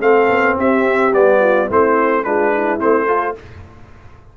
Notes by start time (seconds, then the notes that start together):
0.00 A3 C4 A4 F5
0.28 B3
0.58 C4 G4 E5
1.13 G3 B3 D5
1.40 F4
1.67 A3 C4 E4 C5
2.23 G#3 D4 F4 B4
2.53 E4
2.79 A3 C4 C5
3.07 F4 A4